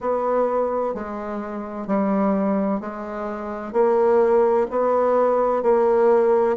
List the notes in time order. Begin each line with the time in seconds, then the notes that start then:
0.00 B3
0.94 G#3
1.87 G3
2.80 G#3
3.72 A#3
4.70 B3
5.62 A#3